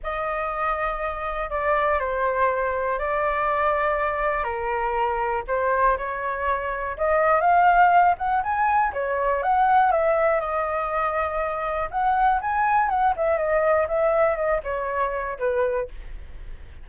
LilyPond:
\new Staff \with { instrumentName = "flute" } { \time 4/4 \tempo 4 = 121 dis''2. d''4 | c''2 d''2~ | d''4 ais'2 c''4 | cis''2 dis''4 f''4~ |
f''8 fis''8 gis''4 cis''4 fis''4 | e''4 dis''2. | fis''4 gis''4 fis''8 e''8 dis''4 | e''4 dis''8 cis''4. b'4 | }